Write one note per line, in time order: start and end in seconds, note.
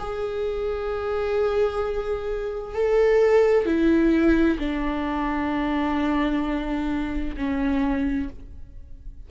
0.00 2.75 G#4
2.75 3.66 A4
3.66 4.59 E4
4.59 7.36 D4
7.37 8.30 C#4